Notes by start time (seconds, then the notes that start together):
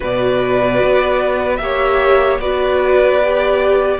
0.00 B2 F#4 B4 D5
0.83 B3
1.56 A#3 G4 E5
1.63 C#5
2.39 B3 F#4 B4 D5
3.23 G4